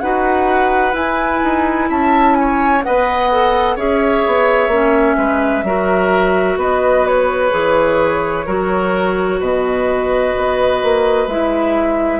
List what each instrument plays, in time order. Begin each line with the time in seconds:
0.00 bassoon D#4, clarinet F#4, oboe B4, flute F#5
0.93 clarinet E4, bassoon E4, flute G#5
1.43 bassoon D#4
1.89 bassoon C#4, oboe E5, flute A5
2.35 oboe C#5, flute G#5
2.83 bassoon B3, clarinet B4, oboe D#5, flute F#5
3.31 clarinet A4
3.76 bassoon C#4, clarinet G#4, oboe C#5, flute E5
4.26 bassoon B3
4.68 bassoon A#3, clarinet C#4
5.17 bassoon G#3, oboe B4
5.63 bassoon F#3, clarinet F#4, oboe A#4
6.56 bassoon B3, oboe B4, flute D#5
7.07 flute C#5
7.50 bassoon E3, clarinet G#4
8.46 bassoon F#3, clarinet F#4, oboe A#4
9.40 bassoon B2, oboe B4, flute D#5
10.37 bassoon B3
10.83 bassoon A#3
11.27 bassoon G#3, clarinet E4, flute E5